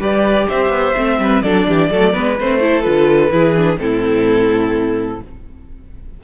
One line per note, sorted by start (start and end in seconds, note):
0.00 0.47 G3
0.00 0.95 G4
0.00 0.47 B4
0.00 0.49 D5
0.49 0.69 C4
0.49 1.19 C5
0.49 1.42 E5
0.69 0.93 B3
0.97 1.19 A3
0.97 1.44 C4
1.19 1.43 G3
1.19 1.44 B4
1.42 1.67 F#3
1.42 1.92 D4
1.42 1.67 A4
1.42 2.37 D5
1.67 1.91 E3
1.67 1.91 G4
1.91 2.15 F#3
1.91 2.14 A3
1.91 2.13 A4
2.13 2.40 G#3
2.13 2.37 B3
2.13 2.60 B4
2.40 2.87 A3
2.40 2.61 C4
2.40 2.82 C5
2.61 2.83 E4
2.61 3.33 A4
2.82 3.31 D3
2.82 3.31 F4
2.82 3.77 B4
3.31 3.79 E3
3.31 3.55 E4
3.31 3.80 G#4
3.57 3.78 D4
3.78 5.21 A2
3.78 5.20 C4
3.78 5.24 E4
3.78 5.21 A4